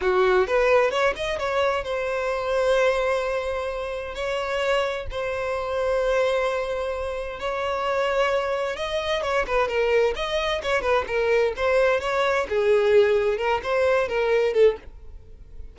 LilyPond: \new Staff \with { instrumentName = "violin" } { \time 4/4 \tempo 4 = 130 fis'4 b'4 cis''8 dis''8 cis''4 | c''1~ | c''4 cis''2 c''4~ | c''1 |
cis''2. dis''4 | cis''8 b'8 ais'4 dis''4 cis''8 b'8 | ais'4 c''4 cis''4 gis'4~ | gis'4 ais'8 c''4 ais'4 a'8 | }